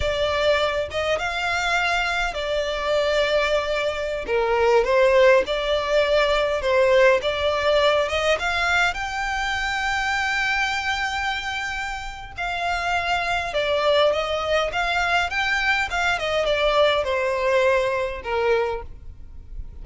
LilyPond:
\new Staff \with { instrumentName = "violin" } { \time 4/4 \tempo 4 = 102 d''4. dis''8 f''2 | d''2.~ d''16 ais'8.~ | ais'16 c''4 d''2 c''8.~ | c''16 d''4. dis''8 f''4 g''8.~ |
g''1~ | g''4 f''2 d''4 | dis''4 f''4 g''4 f''8 dis''8 | d''4 c''2 ais'4 | }